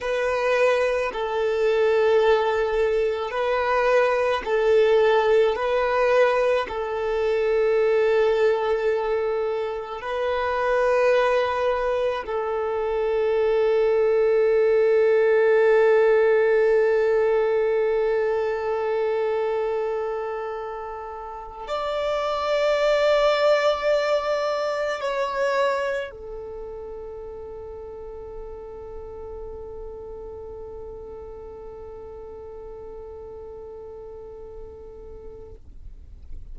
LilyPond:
\new Staff \with { instrumentName = "violin" } { \time 4/4 \tempo 4 = 54 b'4 a'2 b'4 | a'4 b'4 a'2~ | a'4 b'2 a'4~ | a'1~ |
a'2.~ a'8 d''8~ | d''2~ d''8 cis''4 a'8~ | a'1~ | a'1 | }